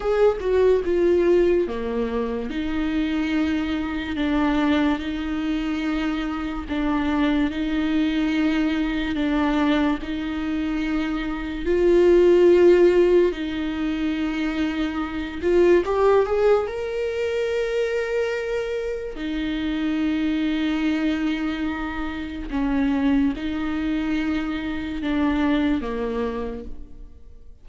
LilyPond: \new Staff \with { instrumentName = "viola" } { \time 4/4 \tempo 4 = 72 gis'8 fis'8 f'4 ais4 dis'4~ | dis'4 d'4 dis'2 | d'4 dis'2 d'4 | dis'2 f'2 |
dis'2~ dis'8 f'8 g'8 gis'8 | ais'2. dis'4~ | dis'2. cis'4 | dis'2 d'4 ais4 | }